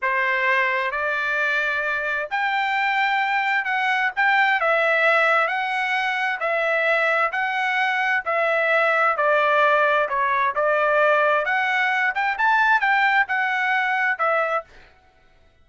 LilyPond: \new Staff \with { instrumentName = "trumpet" } { \time 4/4 \tempo 4 = 131 c''2 d''2~ | d''4 g''2. | fis''4 g''4 e''2 | fis''2 e''2 |
fis''2 e''2 | d''2 cis''4 d''4~ | d''4 fis''4. g''8 a''4 | g''4 fis''2 e''4 | }